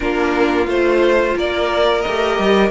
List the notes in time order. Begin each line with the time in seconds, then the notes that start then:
0.00 A#3 D4 F4 A#4
0.66 A3 F4 C5
1.36 A#3 A#4 D5
2.01 A3 G4 D#5
2.38 G3